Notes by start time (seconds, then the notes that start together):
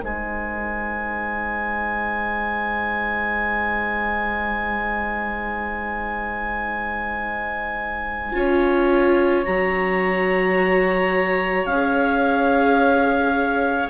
0.00 G#3 D#4 C5 G#5
8.33 C#4 F4 C#5
9.44 F#3 F#4 A#5
11.66 C#4 G#4 F5